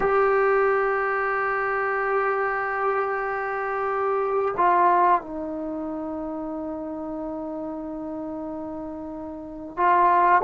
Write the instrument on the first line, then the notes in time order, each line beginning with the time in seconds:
trombone
0.00 G4
4.57 F4
5.21 D#4
9.76 F4